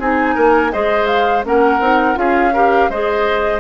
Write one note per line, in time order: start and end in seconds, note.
0.00 0.36 C4
0.00 0.72 D#4
0.00 0.35 G#4
0.00 0.73 G#5
0.35 0.73 A#3
0.35 0.72 A#4
0.72 1.45 G#3
0.72 1.44 G#4
0.72 1.45 C5
0.72 1.07 D#5
1.07 1.43 F5
1.44 1.80 A#3
1.44 1.81 C#4
1.44 2.19 A#4
1.44 2.18 F#5
1.80 2.16 C4
1.80 2.15 D#4
2.15 2.89 C#4
2.15 2.51 F4
2.15 2.54 G#4
2.15 2.90 F5
2.54 2.91 G4
2.54 2.90 A#4
2.90 3.61 G#3
2.90 3.61 G#4
2.90 3.61 C5
2.90 3.61 D#5